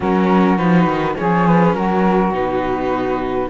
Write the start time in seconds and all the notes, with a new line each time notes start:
0.00 F#3 C#4 F#4 A#4
0.57 F3 D#4 B4
0.86 D#3
1.14 F3 C#4 G#4 C#5
1.46 B4
1.73 F#3 F#4 A#4
2.31 B2 D#4 B4